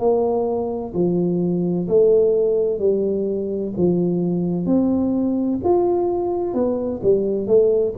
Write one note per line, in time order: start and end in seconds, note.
0.00 0.94 A#3
0.94 1.88 F3
1.88 2.80 A3
2.80 3.73 G3
3.78 4.66 F3
4.66 5.60 C4
5.64 6.55 F4
6.55 7.01 B3
7.03 7.47 G3
7.47 7.94 A3